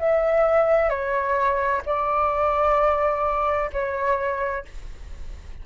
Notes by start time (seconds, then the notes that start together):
0.00 E5
0.90 C#5
1.86 D5
3.73 C#5